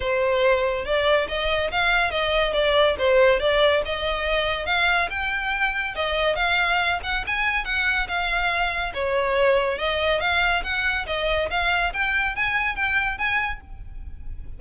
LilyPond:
\new Staff \with { instrumentName = "violin" } { \time 4/4 \tempo 4 = 141 c''2 d''4 dis''4 | f''4 dis''4 d''4 c''4 | d''4 dis''2 f''4 | g''2 dis''4 f''4~ |
f''8 fis''8 gis''4 fis''4 f''4~ | f''4 cis''2 dis''4 | f''4 fis''4 dis''4 f''4 | g''4 gis''4 g''4 gis''4 | }